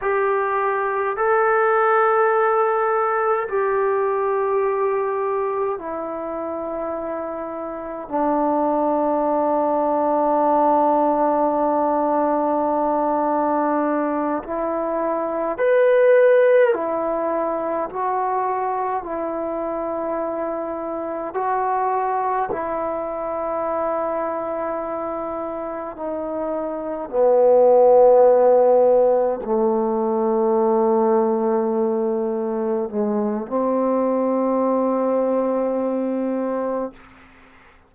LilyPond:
\new Staff \with { instrumentName = "trombone" } { \time 4/4 \tempo 4 = 52 g'4 a'2 g'4~ | g'4 e'2 d'4~ | d'1~ | d'8 e'4 b'4 e'4 fis'8~ |
fis'8 e'2 fis'4 e'8~ | e'2~ e'8 dis'4 b8~ | b4. a2~ a8~ | a8 gis8 c'2. | }